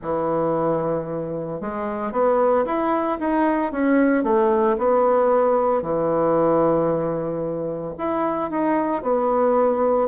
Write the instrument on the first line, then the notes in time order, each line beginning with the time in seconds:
bassoon
0.01 E3
1.60 G#3
2.11 B3
2.65 E4
3.19 D#4
3.72 C#4
4.23 A3
4.78 B3
5.81 E3
7.98 E4
8.50 D#4
9.02 B3